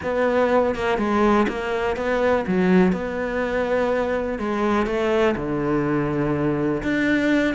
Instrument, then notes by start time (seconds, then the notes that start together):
cello
0.02 B3
0.75 A#3
0.98 G#3
1.48 A#3
1.96 B3
2.47 F#3
2.92 B3
4.39 G#3
4.86 A3
5.36 D3
6.82 D4